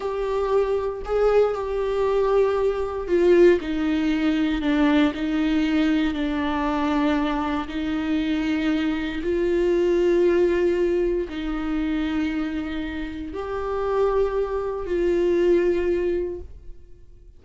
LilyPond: \new Staff \with { instrumentName = "viola" } { \time 4/4 \tempo 4 = 117 g'2 gis'4 g'4~ | g'2 f'4 dis'4~ | dis'4 d'4 dis'2 | d'2. dis'4~ |
dis'2 f'2~ | f'2 dis'2~ | dis'2 g'2~ | g'4 f'2. | }